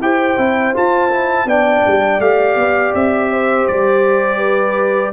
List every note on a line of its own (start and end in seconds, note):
0.00 0.37 E4
0.00 0.37 G4
0.00 1.47 C5
0.00 0.75 G5
0.37 0.73 C4
0.37 0.73 E4
0.73 1.10 F4
0.73 1.45 F4
0.73 1.48 A5
1.10 1.47 E4
1.45 1.81 B3
1.45 2.21 D4
1.45 3.30 D5
1.45 2.20 G5
1.86 2.19 G3
2.19 2.55 A3
2.19 5.12 G4
2.19 2.93 F5
2.55 2.92 B3
2.94 3.67 C4
2.94 3.67 E5
3.30 4.37 C5
3.67 5.12 G3
3.67 5.12 D5
4.37 5.10 B4